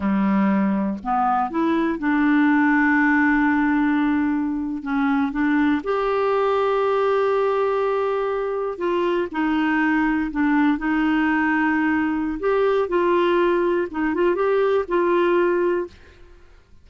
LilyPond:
\new Staff \with { instrumentName = "clarinet" } { \time 4/4 \tempo 4 = 121 g2 b4 e'4 | d'1~ | d'4.~ d'16 cis'4 d'4 g'16~ | g'1~ |
g'4.~ g'16 f'4 dis'4~ dis'16~ | dis'8. d'4 dis'2~ dis'16~ | dis'4 g'4 f'2 | dis'8 f'8 g'4 f'2 | }